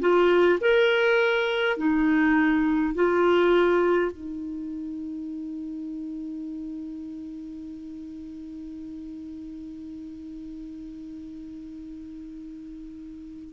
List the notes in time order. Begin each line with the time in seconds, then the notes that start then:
0.00 F4
0.60 A#4
1.77 D#4
2.94 F4
4.12 D#4